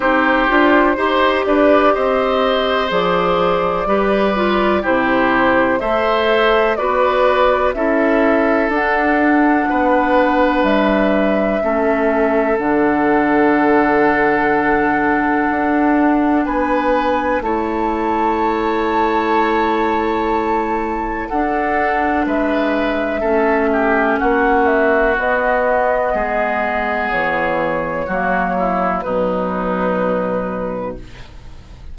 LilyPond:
<<
  \new Staff \with { instrumentName = "flute" } { \time 4/4 \tempo 4 = 62 c''4. d''8 dis''4 d''4~ | d''4 c''4 e''4 d''4 | e''4 fis''2 e''4~ | e''4 fis''2.~ |
fis''4 gis''4 a''2~ | a''2 fis''4 e''4~ | e''4 fis''8 e''8 dis''2 | cis''2 b'2 | }
  \new Staff \with { instrumentName = "oboe" } { \time 4/4 g'4 c''8 b'8 c''2 | b'4 g'4 c''4 b'4 | a'2 b'2 | a'1~ |
a'4 b'4 cis''2~ | cis''2 a'4 b'4 | a'8 g'8 fis'2 gis'4~ | gis'4 fis'8 e'8 dis'2 | }
  \new Staff \with { instrumentName = "clarinet" } { \time 4/4 dis'8 f'8 g'2 gis'4 | g'8 f'8 e'4 a'4 fis'4 | e'4 d'2. | cis'4 d'2.~ |
d'2 e'2~ | e'2 d'2 | cis'2 b2~ | b4 ais4 fis2 | }
  \new Staff \with { instrumentName = "bassoon" } { \time 4/4 c'8 d'8 dis'8 d'8 c'4 f4 | g4 c4 a4 b4 | cis'4 d'4 b4 g4 | a4 d2. |
d'4 b4 a2~ | a2 d'4 gis4 | a4 ais4 b4 gis4 | e4 fis4 b,2 | }
>>